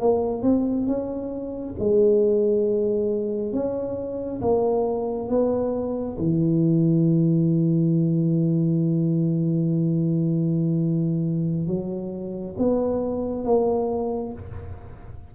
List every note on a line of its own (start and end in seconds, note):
0.00 0.43 A#3
0.43 0.87 C4
0.87 1.75 C#4
1.79 3.53 G#3
3.53 4.41 C#4
4.41 5.29 A#3
5.29 6.17 B3
6.18 11.67 E3
11.67 12.55 F#3
12.58 13.44 B3
13.44 14.32 A#3